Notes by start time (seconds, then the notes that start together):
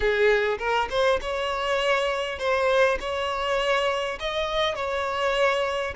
0.00 G#4
0.58 A#4
0.90 C5
1.21 C#5
2.38 C5
3.00 C#5
4.19 D#5
4.75 C#5